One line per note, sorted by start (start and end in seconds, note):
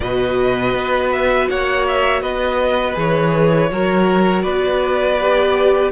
0.00 0.73 B2
0.00 2.93 F#4
0.00 1.50 B4
0.00 1.09 D#5
0.73 1.48 B3
1.11 1.48 E5
1.49 2.21 A#3
1.49 2.22 C#5
1.49 1.86 F#5
1.87 2.22 E5
2.21 2.96 B3
2.21 3.70 B4
2.21 2.96 D#5
2.93 3.70 E3
2.93 3.67 G#4
2.93 4.42 C#5
3.70 4.44 F#3
3.70 5.19 F#4
3.70 4.43 A#4
4.42 5.92 B3
4.42 5.91 B4
4.42 5.91 D5
5.20 5.92 G4